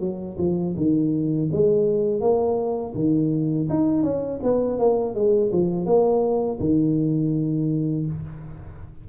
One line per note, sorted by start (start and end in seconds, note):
0.00 0.37 F#3
0.38 0.75 F3
0.77 1.50 D#3
1.52 2.21 G#3
2.21 2.94 A#3
2.95 3.68 D#3
3.69 4.03 D#4
4.03 4.40 C#4
4.43 4.79 B3
4.79 5.15 A#3
5.15 5.51 G#3
5.52 5.86 F3
5.86 6.59 A#3
6.60 8.06 D#3